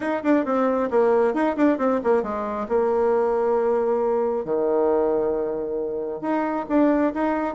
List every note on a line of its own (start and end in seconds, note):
0.00 0.22 D#4
0.23 0.45 D4
0.45 0.89 C4
0.90 1.34 A#3
1.34 1.56 D#4
1.56 1.78 D4
1.78 2.00 C4
2.03 2.22 A#3
2.22 2.67 G#3
2.68 4.44 A#3
4.44 6.21 D#3
6.21 6.65 D#4
6.68 7.13 D4
7.14 7.54 D#4